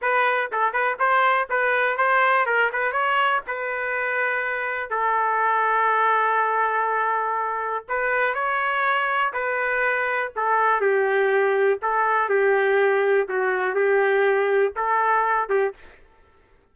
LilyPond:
\new Staff \with { instrumentName = "trumpet" } { \time 4/4 \tempo 4 = 122 b'4 a'8 b'8 c''4 b'4 | c''4 ais'8 b'8 cis''4 b'4~ | b'2 a'2~ | a'1 |
b'4 cis''2 b'4~ | b'4 a'4 g'2 | a'4 g'2 fis'4 | g'2 a'4. g'8 | }